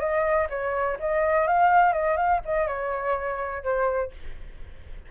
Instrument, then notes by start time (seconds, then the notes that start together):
flute
0.00 D#5
0.50 C#5
1.00 D#5
1.48 F5
1.94 D#5
2.18 F5
2.45 D#5
2.67 C#5
3.64 C5